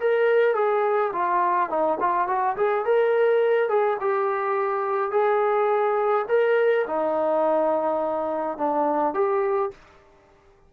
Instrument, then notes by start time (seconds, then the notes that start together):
trombone
0.00 A#4
0.55 G#4
1.13 F4
1.69 D#4
2.00 F4
2.28 F#4
2.57 G#4
2.85 A#4
3.69 G#4
4.00 G4
5.11 G#4
6.28 A#4
6.87 D#4
8.58 D4
9.14 G4